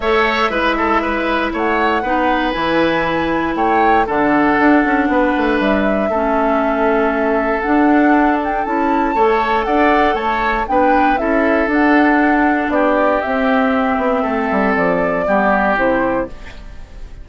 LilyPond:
<<
  \new Staff \with { instrumentName = "flute" } { \time 4/4 \tempo 4 = 118 e''2. fis''4~ | fis''4 gis''2 g''4 | fis''2. e''4~ | e''2. fis''4~ |
fis''8 g''8 a''2 fis''4 | a''4 g''4 e''4 fis''4~ | fis''4 d''4 e''2~ | e''4 d''2 c''4 | }
  \new Staff \with { instrumentName = "oboe" } { \time 4/4 cis''4 b'8 a'8 b'4 cis''4 | b'2. cis''4 | a'2 b'2 | a'1~ |
a'2 cis''4 d''4 | cis''4 b'4 a'2~ | a'4 g'2. | a'2 g'2 | }
  \new Staff \with { instrumentName = "clarinet" } { \time 4/4 a'4 e'2. | dis'4 e'2. | d'1 | cis'2. d'4~ |
d'4 e'4 a'2~ | a'4 d'4 e'4 d'4~ | d'2 c'2~ | c'2 b4 e'4 | }
  \new Staff \with { instrumentName = "bassoon" } { \time 4/4 a4 gis2 a4 | b4 e2 a4 | d4 d'8 cis'8 b8 a8 g4 | a2. d'4~ |
d'4 cis'4 a4 d'4 | a4 b4 cis'4 d'4~ | d'4 b4 c'4. b8 | a8 g8 f4 g4 c4 | }
>>